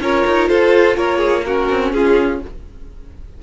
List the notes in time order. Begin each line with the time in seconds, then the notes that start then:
0.00 C#4 F4 A#4 C#5
0.26 D#4
0.48 F4 A4 C5
0.96 A#3 A#4 C#5
1.17 G#4
1.46 C#4 F#4 A#4
1.69 C4
1.92 C#4 F4 G#4